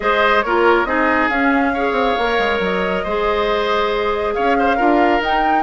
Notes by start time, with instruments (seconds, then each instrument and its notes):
0.00 bassoon G#3, clarinet G#4, oboe C5, flute D#5
0.42 bassoon A#3, clarinet F4, oboe A#4, flute C#5
0.85 bassoon C4, clarinet D#4, oboe G#4, flute D#5
1.29 bassoon C#4, clarinet C#4, flute F5
1.73 clarinet G#4, oboe C#5
1.92 bassoon C4
2.18 bassoon A#3, clarinet A#4
2.38 bassoon G#3
2.59 bassoon F#3, flute D#5
3.03 bassoon G#3, clarinet G#4, oboe C5
4.34 bassoon C#4, oboe C#5, flute F5
4.58 oboe C5
4.76 bassoon D4, clarinet F4, oboe A#4
5.20 bassoon D#4, clarinet D#4, flute G5